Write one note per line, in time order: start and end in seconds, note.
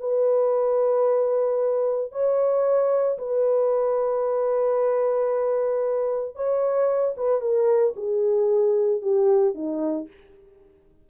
0.00 2.12 B4
2.12 3.18 C#5
3.18 6.36 B4
6.36 7.15 C#5
7.18 7.41 B4
7.41 7.95 A#4
7.96 9.02 G#4
9.02 9.55 G4
9.55 10.08 D#4